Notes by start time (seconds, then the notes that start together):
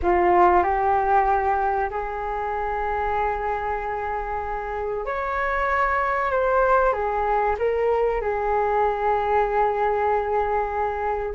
0.02 F4
0.63 G4
1.90 G#4
5.05 C#5
6.31 C5
6.92 G#4
7.58 A#4
8.21 G#4